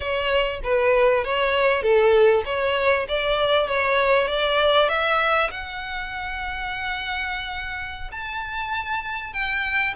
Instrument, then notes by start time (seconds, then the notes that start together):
violin
0.00 C#5
0.63 B4
1.24 C#5
1.82 A4
2.45 C#5
3.08 D5
3.67 C#5
4.27 D5
4.88 E5
5.50 F#5
8.11 A5
9.33 G5